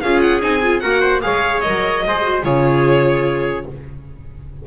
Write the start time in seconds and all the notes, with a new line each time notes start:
0.00 C#4 F4 G#4 F5
0.20 F#5
0.41 C4 D#4 G#5
0.62 F4
0.79 A#3 F#4 A#4 F#5
1.01 C5
1.22 G#3 G#4 C#5 F5
1.60 F#3 A#4 D#5
2.06 G#3 G#4 C5
2.22 F#4
2.43 C#3 F4 G#4 C#5